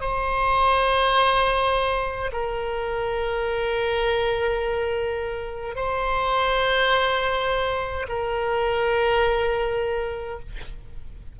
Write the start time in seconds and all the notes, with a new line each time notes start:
0.00 C5
2.32 A#4
5.75 C5
8.08 A#4